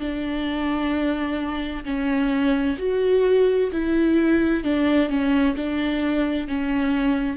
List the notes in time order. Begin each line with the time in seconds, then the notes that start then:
0.00 D4
1.85 C#4
2.79 F#4
3.73 E4
4.64 D4
5.10 C#4
5.56 D4
6.48 C#4